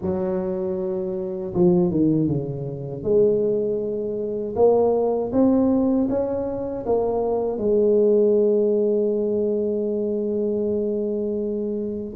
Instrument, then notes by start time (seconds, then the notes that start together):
tuba
0.01 F#3
1.54 F3
1.90 D#3
2.27 C#3
3.03 G#3
4.55 A#3
5.32 C4
6.09 C#4
6.86 A#3
7.58 G#3